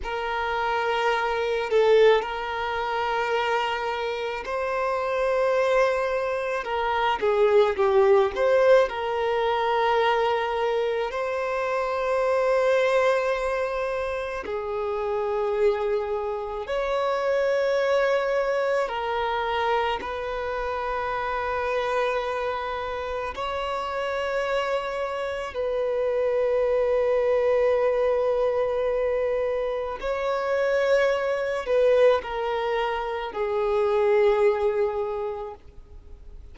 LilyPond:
\new Staff \with { instrumentName = "violin" } { \time 4/4 \tempo 4 = 54 ais'4. a'8 ais'2 | c''2 ais'8 gis'8 g'8 c''8 | ais'2 c''2~ | c''4 gis'2 cis''4~ |
cis''4 ais'4 b'2~ | b'4 cis''2 b'4~ | b'2. cis''4~ | cis''8 b'8 ais'4 gis'2 | }